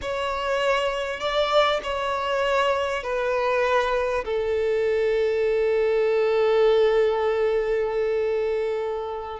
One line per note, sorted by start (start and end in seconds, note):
0.01 1.20 C#5
1.20 1.80 D5
1.83 3.03 C#5
3.03 4.24 B4
4.25 9.40 A4